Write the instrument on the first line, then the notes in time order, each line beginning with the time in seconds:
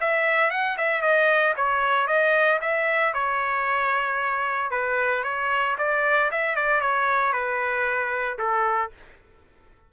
trumpet
0.00 E5
0.50 F#5
0.77 E5
1.01 D#5
1.56 C#5
2.07 D#5
2.61 E5
3.13 C#5
4.71 B4
5.23 C#5
5.78 D5
6.31 E5
6.55 D5
6.81 C#5
7.33 B4
8.38 A4